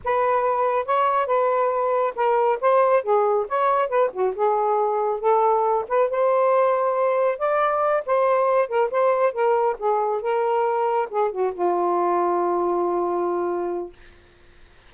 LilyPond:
\new Staff \with { instrumentName = "saxophone" } { \time 4/4 \tempo 4 = 138 b'2 cis''4 b'4~ | b'4 ais'4 c''4 gis'4 | cis''4 b'8 fis'8 gis'2 | a'4. b'8 c''2~ |
c''4 d''4. c''4. | ais'8 c''4 ais'4 gis'4 ais'8~ | ais'4. gis'8 fis'8 f'4.~ | f'1 | }